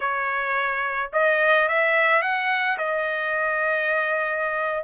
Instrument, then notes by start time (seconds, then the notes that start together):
trumpet
0.00 C#5
1.12 D#5
1.68 E5
2.21 F#5
2.78 D#5